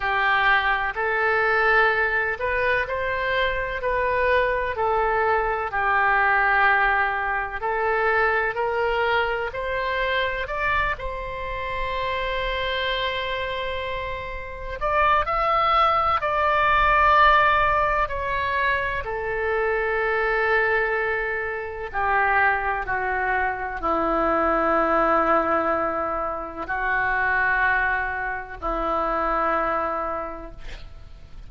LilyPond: \new Staff \with { instrumentName = "oboe" } { \time 4/4 \tempo 4 = 63 g'4 a'4. b'8 c''4 | b'4 a'4 g'2 | a'4 ais'4 c''4 d''8 c''8~ | c''2.~ c''8 d''8 |
e''4 d''2 cis''4 | a'2. g'4 | fis'4 e'2. | fis'2 e'2 | }